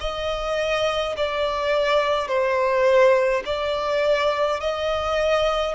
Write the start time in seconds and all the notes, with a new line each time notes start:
0.00 D#5
1.16 D5
2.27 C5
3.45 D5
4.60 D#5